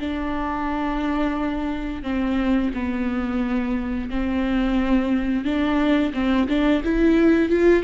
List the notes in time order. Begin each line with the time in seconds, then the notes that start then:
0.00 D4
2.03 C4
2.74 B3
4.10 C4
5.45 D4
6.14 C4
6.49 D4
6.84 E4
7.50 F4